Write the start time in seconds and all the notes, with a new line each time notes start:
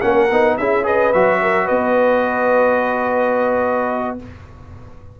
0.00 A#3 C#4 A#4 F#5
0.30 B3 D#4
0.57 C#4 E4 G#4 E5
0.83 G#4 B4 D#5
1.12 F#3 F#4 E5
1.41 A#4
1.64 B3 B4 D#5